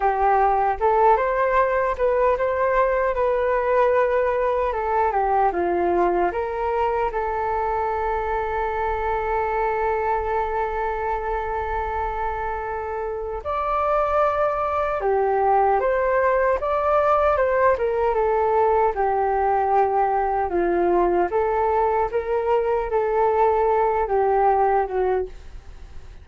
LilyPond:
\new Staff \with { instrumentName = "flute" } { \time 4/4 \tempo 4 = 76 g'4 a'8 c''4 b'8 c''4 | b'2 a'8 g'8 f'4 | ais'4 a'2.~ | a'1~ |
a'4 d''2 g'4 | c''4 d''4 c''8 ais'8 a'4 | g'2 f'4 a'4 | ais'4 a'4. g'4 fis'8 | }